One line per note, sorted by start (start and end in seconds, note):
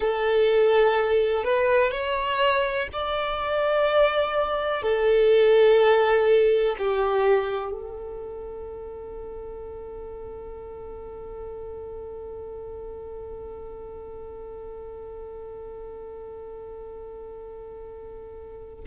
0.00 1.44 A4
1.44 1.91 B4
1.91 2.88 C#5
2.93 4.82 D5
4.82 6.76 A4
6.78 7.71 G4
7.71 18.84 A4